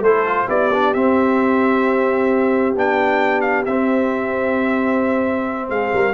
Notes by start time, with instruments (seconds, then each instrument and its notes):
0.00 tuba A3, trombone E4, horn A4, trumpet C5
0.25 trombone F4
0.48 tuba B3, trombone E4, horn G4, trumpet D5
0.73 trombone D4
0.94 tuba C4, trombone C4, trumpet E5
2.75 tuba B3, trombone D4, trumpet G5
3.41 trumpet F5
3.65 tuba C4, trombone C4, trumpet E5
5.69 tuba G#3, horn G#4, trumpet F5
5.93 tuba G3, horn A#4